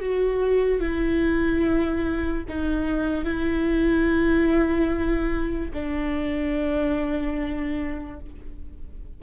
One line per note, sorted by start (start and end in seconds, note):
0.00 0.80 F#4
0.80 2.44 E4
2.48 3.24 D#4
3.24 5.71 E4
5.73 8.20 D4